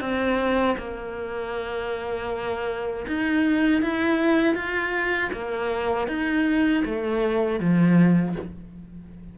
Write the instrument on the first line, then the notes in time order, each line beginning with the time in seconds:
cello
0.00 C4
0.78 A#3
3.07 D#4
3.82 E4
4.55 F4
5.33 A#3
6.07 D#4
6.85 A3
7.59 F3